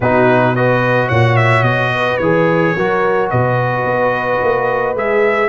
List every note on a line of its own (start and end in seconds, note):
0.00 1.09 B2
0.00 0.56 D#4
0.00 0.55 F#4
0.00 0.55 B4
0.55 2.21 F#4
0.55 1.07 B4
0.55 1.08 D#5
1.07 1.62 A#2
1.07 1.89 C#5
1.07 1.36 F#5
1.36 1.63 E5
1.62 2.17 B2
1.62 2.17 D#5
1.94 2.75 B4
2.17 2.74 E3
2.17 2.77 G#4
2.17 3.27 C#5
2.75 3.31 F#3
2.75 4.95 F#4
2.75 3.30 A#4
3.30 3.84 B2
3.30 5.49 B4
3.30 4.95 D#5
3.84 4.39 B3
4.42 4.94 A#3
4.94 5.49 G#3
4.94 5.49 G#4
4.94 5.49 E5